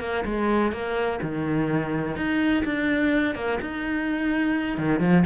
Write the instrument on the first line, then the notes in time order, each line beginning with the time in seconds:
cello
0.00 A#3
0.25 G#3
0.72 A#3
1.22 D#3
2.16 D#4
2.65 D4
3.35 A#3
3.61 D#4
4.77 D#3
4.99 F3